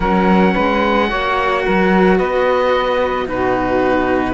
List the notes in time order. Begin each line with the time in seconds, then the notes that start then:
0.00 F#3 C#4 A#4 F#5
0.53 G#3 B4
1.08 A#3 F#4 C#5
1.64 F#3 A#4
2.17 B3 B4 D#5
3.25 B2 D#4 F#4 B4